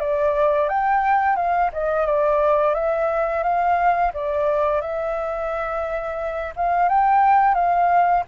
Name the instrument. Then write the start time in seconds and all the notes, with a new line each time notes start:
flute
0.00 D5
0.69 G5
1.36 F5
1.73 D#5
2.06 D5
2.75 E5
3.44 F5
4.14 D5
4.82 E5
6.56 F5
6.89 G5
7.55 F5